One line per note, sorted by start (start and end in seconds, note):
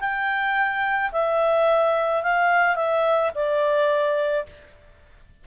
0.00 1.11 G5
1.12 2.23 E5
2.23 2.76 F5
2.76 3.31 E5
3.35 4.46 D5